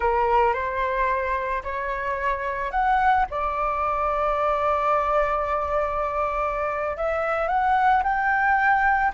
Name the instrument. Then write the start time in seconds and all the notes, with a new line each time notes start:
flute
0.00 A#4
0.53 C5
1.63 C#5
2.71 F#5
3.30 D5
6.96 E5
7.48 F#5
8.03 G5